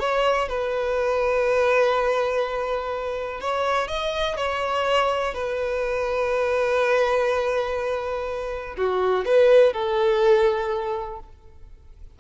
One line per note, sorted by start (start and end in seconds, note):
0.00 0.49 C#5
0.49 3.41 B4
3.41 3.88 C#5
3.88 4.37 D#5
4.37 5.34 C#5
5.34 8.76 B4
8.78 9.25 F#4
9.25 9.73 B4
9.73 11.20 A4